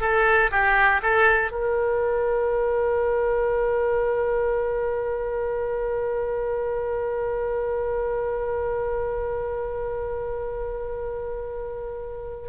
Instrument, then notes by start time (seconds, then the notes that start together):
oboe
0.00 A4
0.50 G4
1.02 A4
1.51 A#4